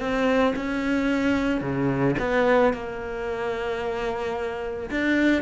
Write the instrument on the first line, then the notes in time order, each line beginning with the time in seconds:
cello
0.00 C4
0.56 C#4
1.61 C#3
2.19 B3
2.73 A#3
4.90 D4